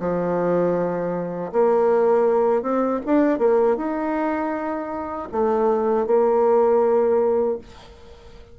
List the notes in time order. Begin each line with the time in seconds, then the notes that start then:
0.00 F3
1.52 A#3
2.62 C4
3.06 D4
3.39 A#3
3.77 D#4
5.32 A3
6.07 A#3